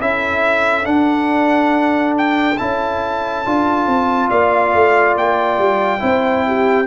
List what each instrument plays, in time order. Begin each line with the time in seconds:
0.00 tuba C#4, trombone E4, horn A4, trumpet E5
0.84 trombone D4, tuba D4, trumpet F#5
2.17 trumpet G5
2.57 tuba C#4, trombone E4, trumpet A5
3.45 tuba D4, trombone F4
3.87 tuba C4
4.29 tuba A#3, horn D5, trumpet F5
4.74 tuba A3
5.16 tuba A#3, trumpet G5
5.58 tuba G3
5.99 tuba C4, trombone E4, horn C5
6.47 horn G4